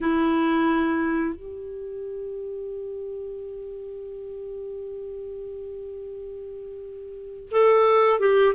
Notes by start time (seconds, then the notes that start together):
0.00 E4
1.35 G4
7.51 A4
8.19 G4